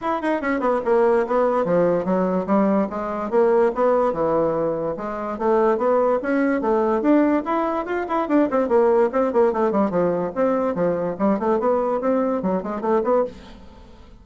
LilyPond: \new Staff \with { instrumentName = "bassoon" } { \time 4/4 \tempo 4 = 145 e'8 dis'8 cis'8 b8 ais4 b4 | f4 fis4 g4 gis4 | ais4 b4 e2 | gis4 a4 b4 cis'4 |
a4 d'4 e'4 f'8 e'8 | d'8 c'8 ais4 c'8 ais8 a8 g8 | f4 c'4 f4 g8 a8 | b4 c'4 fis8 gis8 a8 b8 | }